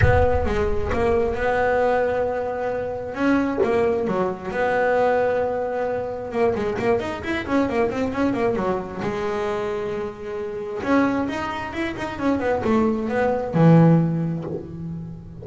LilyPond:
\new Staff \with { instrumentName = "double bass" } { \time 4/4 \tempo 4 = 133 b4 gis4 ais4 b4~ | b2. cis'4 | ais4 fis4 b2~ | b2 ais8 gis8 ais8 dis'8 |
e'8 cis'8 ais8 c'8 cis'8 ais8 fis4 | gis1 | cis'4 dis'4 e'8 dis'8 cis'8 b8 | a4 b4 e2 | }